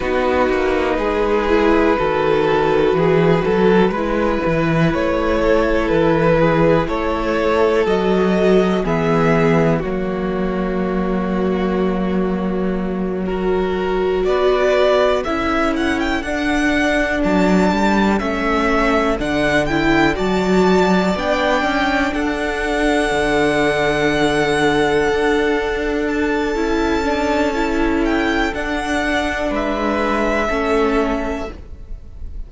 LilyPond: <<
  \new Staff \with { instrumentName = "violin" } { \time 4/4 \tempo 4 = 61 b'1~ | b'4 cis''4 b'4 cis''4 | dis''4 e''4 cis''2~ | cis''2~ cis''8 d''4 e''8 |
fis''16 g''16 fis''4 a''4 e''4 fis''8 | g''8 a''4 g''4 fis''4.~ | fis''2~ fis''8 a''4.~ | a''8 g''8 fis''4 e''2 | }
  \new Staff \with { instrumentName = "violin" } { \time 4/4 fis'4 gis'4 a'4 gis'8 a'8 | b'4. a'4 gis'8 a'4~ | a'4 gis'4 fis'2~ | fis'4. ais'4 b'4 a'8~ |
a'1~ | a'8 d''2 a'4.~ | a'1~ | a'2 b'4 a'4 | }
  \new Staff \with { instrumentName = "viola" } { \time 4/4 dis'4. e'8 fis'2 | e'1 | fis'4 b4 ais2~ | ais4. fis'2 e'8~ |
e'8 d'2 cis'4 d'8 | e'8 fis'4 d'2~ d'8~ | d'2. e'8 d'8 | e'4 d'2 cis'4 | }
  \new Staff \with { instrumentName = "cello" } { \time 4/4 b8 ais8 gis4 dis4 e8 fis8 | gis8 e8 a4 e4 a4 | fis4 e4 fis2~ | fis2~ fis8 b4 cis'8~ |
cis'8 d'4 fis8 g8 a4 d8~ | d8 fis4 b8 cis'8 d'4 d8~ | d4. d'4. cis'4~ | cis'4 d'4 gis4 a4 | }
>>